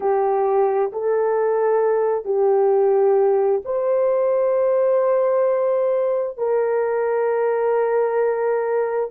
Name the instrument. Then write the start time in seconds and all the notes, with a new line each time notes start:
horn
0.00 G4
0.92 A4
2.24 G4
3.64 C5
6.37 A#4